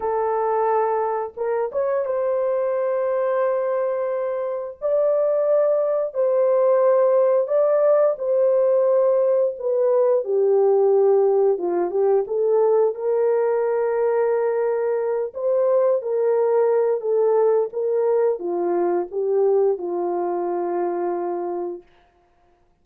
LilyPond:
\new Staff \with { instrumentName = "horn" } { \time 4/4 \tempo 4 = 88 a'2 ais'8 cis''8 c''4~ | c''2. d''4~ | d''4 c''2 d''4 | c''2 b'4 g'4~ |
g'4 f'8 g'8 a'4 ais'4~ | ais'2~ ais'8 c''4 ais'8~ | ais'4 a'4 ais'4 f'4 | g'4 f'2. | }